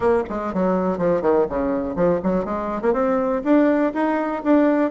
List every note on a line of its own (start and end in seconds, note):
0.00 0.23 A#3
0.29 0.53 G#3
0.53 0.98 F#3
0.98 1.21 F3
1.21 1.46 D#3
1.49 1.95 C#3
1.95 2.20 F3
2.23 2.44 F#3
2.44 2.81 G#3
2.81 2.93 A#3
2.93 3.42 C4
3.44 3.93 D4
3.93 4.42 D#4
4.43 4.91 D4